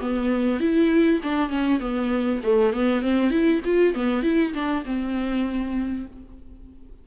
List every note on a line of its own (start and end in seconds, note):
0.00 0.60 B3
0.60 1.20 E4
1.23 1.49 D4
1.49 1.79 C#4
1.80 2.40 B3
2.43 2.73 A3
2.73 3.01 B3
3.01 3.30 C4
3.30 3.61 E4
3.64 3.94 F4
3.94 4.22 B3
4.22 4.53 E4
4.53 4.84 D4
4.85 6.06 C4